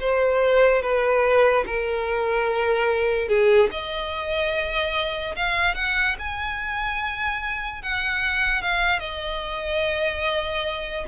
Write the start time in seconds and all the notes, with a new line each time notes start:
0.00 C5
0.82 B4
1.66 A#4
3.28 G#4
3.71 D#5
5.36 F5
5.75 F#5
6.19 G#5
7.82 F#5
8.62 F5
9.00 D#5